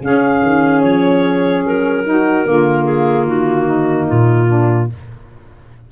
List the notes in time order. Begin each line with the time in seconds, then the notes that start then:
0.00 C#3 C#4 G#4 F5
0.42 D#3
0.81 F3 C#5
1.64 F#3 A#4
2.05 D#4 F#4
2.45 D3 A#3 F4
2.85 G#4
3.23 D#3 F#4
3.66 D#4
4.08 A#2 F4
4.47 D4